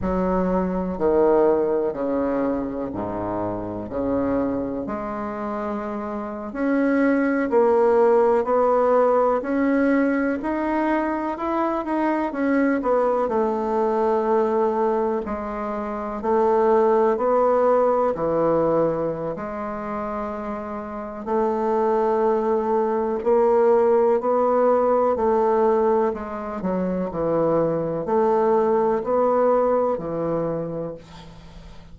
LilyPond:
\new Staff \with { instrumentName = "bassoon" } { \time 4/4 \tempo 4 = 62 fis4 dis4 cis4 gis,4 | cis4 gis4.~ gis16 cis'4 ais16~ | ais8. b4 cis'4 dis'4 e'16~ | e'16 dis'8 cis'8 b8 a2 gis16~ |
gis8. a4 b4 e4~ e16 | gis2 a2 | ais4 b4 a4 gis8 fis8 | e4 a4 b4 e4 | }